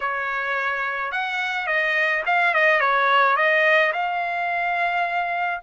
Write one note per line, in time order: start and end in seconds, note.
0.00 1.11 C#5
1.11 1.67 F#5
1.67 2.23 D#5
2.26 2.54 F5
2.54 2.80 D#5
2.80 3.36 C#5
3.36 3.92 D#5
3.92 5.60 F5